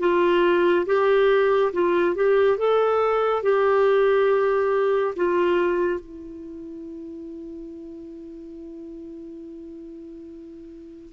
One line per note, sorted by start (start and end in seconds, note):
0.00 0.86 F4
0.86 1.72 G4
1.73 2.15 F4
2.15 2.58 G4
2.58 3.43 A4
3.43 5.15 G4
5.17 6.00 F4
6.00 11.13 E4